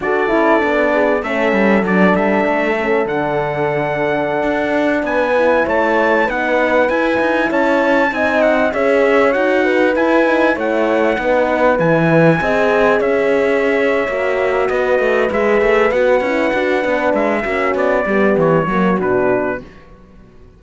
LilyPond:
<<
  \new Staff \with { instrumentName = "trumpet" } { \time 4/4 \tempo 4 = 98 d''2 e''4 d''8 e''8~ | e''4 fis''2.~ | fis''16 gis''4 a''4 fis''4 gis''8.~ | gis''16 a''4 gis''8 fis''8 e''4 fis''8.~ |
fis''16 gis''4 fis''2 gis''8.~ | gis''4~ gis''16 e''2~ e''8. | dis''4 e''4 fis''2 | e''4 d''4 cis''4 b'4 | }
  \new Staff \with { instrumentName = "horn" } { \time 4/4 a'4. gis'8 a'2~ | a'1~ | a'16 b'4 cis''4 b'4.~ b'16~ | b'16 cis''4 dis''4 cis''4. b'16~ |
b'4~ b'16 cis''4 b'4.~ b'16~ | b'16 dis''4 cis''2~ cis''8. | b'1~ | b'8 fis'4 g'4 fis'4. | }
  \new Staff \with { instrumentName = "horn" } { \time 4/4 fis'8 e'8 d'4 cis'4 d'4~ | d'8 cis'8 d'2.~ | d'8. e'4. dis'4 e'8.~ | e'4~ e'16 dis'4 gis'4 fis'8.~ |
fis'16 e'8 dis'8 e'4 dis'4 e'8.~ | e'16 gis'2~ gis'8. fis'4~ | fis'4 gis'4 fis'8 e'8 fis'8 d'8~ | d'8 cis'4 b4 ais8 d'4 | }
  \new Staff \with { instrumentName = "cello" } { \time 4/4 d'8 cis'8 b4 a8 g8 fis8 g8 | a4 d2~ d16 d'8.~ | d'16 b4 a4 b4 e'8 dis'16~ | dis'16 cis'4 c'4 cis'4 dis'8.~ |
dis'16 e'4 a4 b4 e8.~ | e16 c'4 cis'4.~ cis'16 ais4 | b8 a8 gis8 a8 b8 cis'8 d'8 b8 | gis8 ais8 b8 g8 e8 fis8 b,4 | }
>>